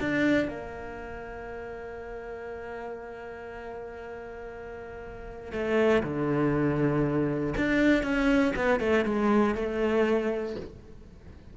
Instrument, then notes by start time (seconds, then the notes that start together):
cello
0.00 D4
0.49 A#3
5.52 A3
6.03 D3
7.57 D4
8.03 C#4
8.56 B3
8.80 A3
9.05 G#3
9.55 A3